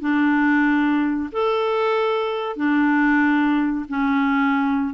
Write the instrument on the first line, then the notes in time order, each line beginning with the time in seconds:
clarinet
0.00 D4
1.32 A4
2.56 D4
3.88 C#4